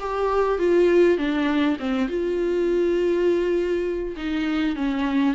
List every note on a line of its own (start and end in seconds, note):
0.00 0.59 G4
0.59 1.18 F4
1.18 1.77 D4
1.80 2.08 C4
2.08 4.16 F4
4.17 4.76 D#4
4.76 5.35 C#4